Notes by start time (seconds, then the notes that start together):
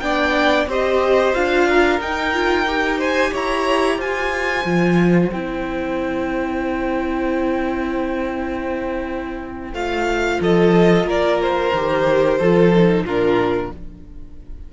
0.00 B3 D4 D5 G5
0.67 C4 G4 C5 D#5
1.34 D4 F4 F5
1.69 A#4
2.00 D#4 G5
2.33 F4
2.67 G4
2.98 C5 G#5
3.32 E4 C#5 A#5
3.97 F4 C5 G#5
4.65 F3 F4
5.32 C4 E4 G5
9.73 A3 F4 F5
10.41 F3 A4 D#5
11.04 A#3 A#4 D5
11.42 C5
11.73 D#3 G4
12.38 F3 F4 A4
12.75 D#4
13.02 A#2 D4 F4 A#4